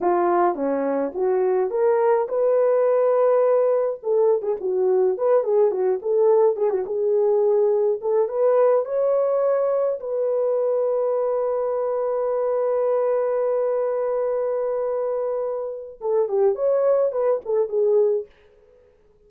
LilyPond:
\new Staff \with { instrumentName = "horn" } { \time 4/4 \tempo 4 = 105 f'4 cis'4 fis'4 ais'4 | b'2. a'8. gis'16 | fis'4 b'8 gis'8 fis'8 a'4 gis'16 fis'16 | gis'2 a'8 b'4 cis''8~ |
cis''4. b'2~ b'8~ | b'1~ | b'1 | a'8 g'8 cis''4 b'8 a'8 gis'4 | }